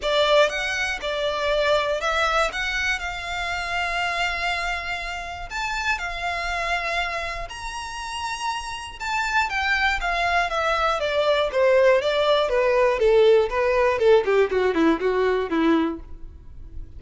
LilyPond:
\new Staff \with { instrumentName = "violin" } { \time 4/4 \tempo 4 = 120 d''4 fis''4 d''2 | e''4 fis''4 f''2~ | f''2. a''4 | f''2. ais''4~ |
ais''2 a''4 g''4 | f''4 e''4 d''4 c''4 | d''4 b'4 a'4 b'4 | a'8 g'8 fis'8 e'8 fis'4 e'4 | }